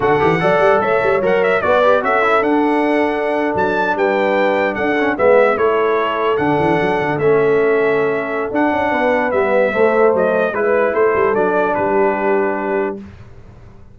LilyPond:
<<
  \new Staff \with { instrumentName = "trumpet" } { \time 4/4 \tempo 4 = 148 fis''2 e''4 fis''8 e''8 | d''4 e''4 fis''2~ | fis''8. a''4 g''2 fis''16~ | fis''8. e''4 cis''2 fis''16~ |
fis''4.~ fis''16 e''2~ e''16~ | e''4 fis''2 e''4~ | e''4 dis''4 b'4 c''4 | d''4 b'2. | }
  \new Staff \with { instrumentName = "horn" } { \time 4/4 a'4 d''4 cis''2 | b'4 a'2.~ | a'4.~ a'16 b'2 a'16~ | a'8. b'4 a'2~ a'16~ |
a'1~ | a'2 b'2 | c''2 b'4 a'4~ | a'4 g'2. | }
  \new Staff \with { instrumentName = "trombone" } { \time 4/4 fis'8 g'8 a'2 ais'4 | fis'8 g'8 fis'8 e'8 d'2~ | d'1~ | d'16 cis'8 b4 e'2 d'16~ |
d'4.~ d'16 cis'2~ cis'16~ | cis'4 d'2 b4 | a2 e'2 | d'1 | }
  \new Staff \with { instrumentName = "tuba" } { \time 4/4 d8 e8 fis8 g8 a8 g8 fis4 | b4 cis'4 d'2~ | d'8. fis4 g2 d'16~ | d'8. gis4 a2 d16~ |
d16 e8 fis8 d8 a2~ a16~ | a4 d'8 cis'8 b4 g4 | a4 fis4 gis4 a8 g8 | fis4 g2. | }
>>